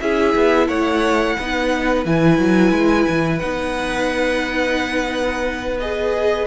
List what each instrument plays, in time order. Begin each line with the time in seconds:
0.00 cello C#4, viola E4, violin G#4 E5
0.35 cello B3
0.68 cello A3, violin C#5 F#5
1.37 cello B3, viola D#4, violin B4
2.05 cello E3, viola E4, violin G#5
2.38 cello F#3
2.71 cello G#3
3.08 cello E3
3.39 cello B3, viola D#4, violin F#5
5.80 viola G#4, violin D#5